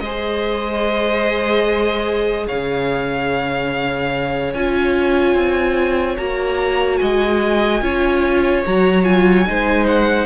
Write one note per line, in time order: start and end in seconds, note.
0.00 2.47 G#3
0.00 4.55 G#4
0.00 2.47 C5
0.00 2.47 D#5
2.47 4.54 C#3
2.47 6.99 C#5
2.47 4.54 F5
4.54 5.35 C#4
4.54 6.18 F4
4.54 6.18 G#5
5.35 6.17 C4
6.18 7.01 A#3
6.18 7.82 F#4
6.18 6.98 A#5
6.98 7.82 G#3
6.98 7.83 D#5
6.98 8.62 G#5
7.82 8.64 C#4
7.82 8.64 F4
7.82 9.48 C#5
8.66 9.49 F#3
8.66 9.04 F#4
8.66 9.04 A#5
9.04 9.45 F4
9.04 9.87 G#5
9.47 10.26 G#3
9.47 10.26 D#4
9.47 10.26 C5
9.87 10.26 F#5